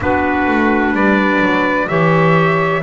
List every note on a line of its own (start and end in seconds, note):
0.00 0.46 B3
0.00 1.88 D4
0.00 0.94 F#4
0.00 0.95 B4
0.46 0.92 A3
0.92 1.39 G3
0.92 1.88 B4
0.92 1.88 D5
1.41 1.88 F#3
1.88 2.82 E3
1.88 2.82 G4
1.88 2.82 C#5
1.88 2.81 E5